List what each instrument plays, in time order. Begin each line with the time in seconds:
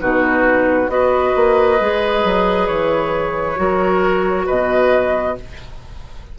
0.00 bassoon B2, clarinet D#4, oboe F#4, flute B4
0.88 bassoon B3, clarinet F#4, oboe B4, flute D#5
1.35 bassoon A#3
1.80 bassoon G#3, clarinet G#4
2.24 bassoon F#3
2.67 bassoon E3, flute C#5
3.56 bassoon F#3, clarinet F#4, oboe A#4
4.46 bassoon B2, oboe B4, flute D#5